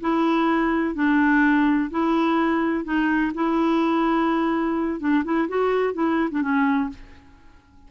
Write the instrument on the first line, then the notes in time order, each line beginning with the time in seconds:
clarinet
0.00 E4
0.95 D4
1.90 E4
2.84 D#4
3.34 E4
5.00 D4
5.24 E4
5.48 F#4
5.94 E4
6.31 D4
6.42 C#4